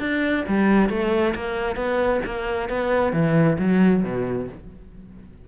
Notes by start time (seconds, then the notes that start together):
0.00 D4
0.48 G3
0.90 A3
1.36 A#3
1.76 B3
2.26 A#3
2.70 B3
3.13 E3
3.59 F#3
4.04 B2